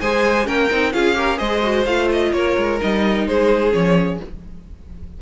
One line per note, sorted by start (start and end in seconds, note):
0.00 0.47 G#3
0.00 0.45 G#4
0.00 0.46 C5
0.00 0.47 G#5
0.45 0.70 A#3
0.45 0.68 C#4
0.45 0.93 A#4
0.45 0.92 G5
0.70 0.94 C4
0.70 0.93 D#4
0.92 1.39 C#4
0.92 1.14 F4
0.92 1.17 G#4
0.92 1.38 F5
1.14 1.37 G4
1.14 1.38 A#4
1.37 1.86 G#3
1.37 1.61 G#4
1.37 2.31 C5
1.37 1.84 D#5
1.62 1.86 F#4
1.85 2.32 A3
1.85 2.79 F4
1.85 2.08 F5
2.12 2.32 D#5
2.32 2.56 A#3
2.32 3.28 A#4
2.32 2.79 C#5
2.57 2.80 G#3
2.79 3.26 G3
2.79 3.70 D#4
2.79 3.27 D#5
3.26 3.73 G#3
3.26 4.21 G#4
3.26 3.73 C5
3.70 4.20 F3
3.70 4.17 C#4
3.70 4.19 C#5